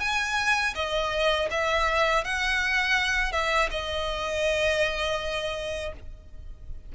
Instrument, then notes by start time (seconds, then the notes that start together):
violin
0.00 G#5
0.75 D#5
1.51 E5
2.25 F#5
3.32 E5
3.71 D#5